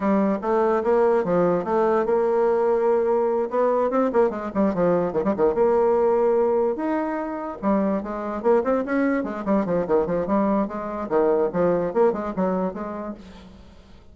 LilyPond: \new Staff \with { instrumentName = "bassoon" } { \time 4/4 \tempo 4 = 146 g4 a4 ais4 f4 | a4 ais2.~ | ais8 b4 c'8 ais8 gis8 g8 f8~ | f8 dis16 g16 dis8 ais2~ ais8~ |
ais8 dis'2 g4 gis8~ | gis8 ais8 c'8 cis'4 gis8 g8 f8 | dis8 f8 g4 gis4 dis4 | f4 ais8 gis8 fis4 gis4 | }